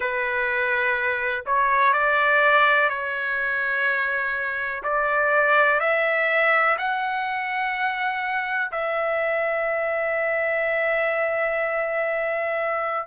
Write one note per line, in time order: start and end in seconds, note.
0.00 1.44 B4
1.46 1.93 C#5
1.93 2.89 D5
2.89 4.82 C#5
4.83 5.79 D5
5.79 6.76 E5
6.77 8.71 F#5
8.71 13.07 E5